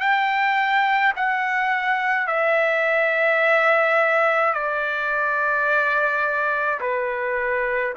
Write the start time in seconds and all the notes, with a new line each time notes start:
0.00 G5
1.16 F#5
2.27 E5
4.54 D5
6.81 B4